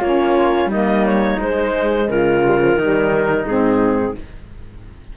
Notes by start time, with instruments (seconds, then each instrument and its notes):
0.00 cello A#3, saxophone C#4, flute F4, clarinet C#5
0.66 cello G3, saxophone A#3, flute D#4, clarinet D#5
1.05 clarinet C#5
1.39 saxophone G#3, cello G#3, clarinet C5
2.08 cello C#3, flute F4, clarinet A#4
2.43 saxophone G3
2.59 saxophone F3
2.76 cello D#3, saxophone G3, flute D#4
3.46 cello G#2, saxophone C4, clarinet G#4